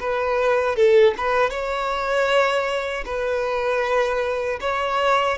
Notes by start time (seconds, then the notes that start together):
0.00 B4
0.76 A4
1.17 B4
1.50 C#5
3.06 B4
4.61 C#5